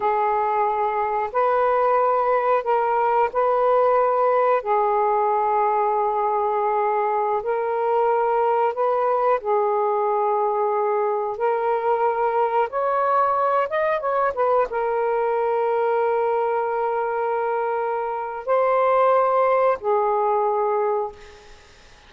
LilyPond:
\new Staff \with { instrumentName = "saxophone" } { \time 4/4 \tempo 4 = 91 gis'2 b'2 | ais'4 b'2 gis'4~ | gis'2.~ gis'16 ais'8.~ | ais'4~ ais'16 b'4 gis'4.~ gis'16~ |
gis'4~ gis'16 ais'2 cis''8.~ | cis''8. dis''8 cis''8 b'8 ais'4.~ ais'16~ | ais'1 | c''2 gis'2 | }